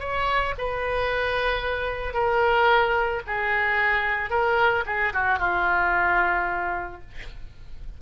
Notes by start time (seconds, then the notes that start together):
0.00 C#5
0.58 B4
2.14 A#4
3.27 G#4
4.30 A#4
4.86 G#4
5.14 F#4
5.39 F4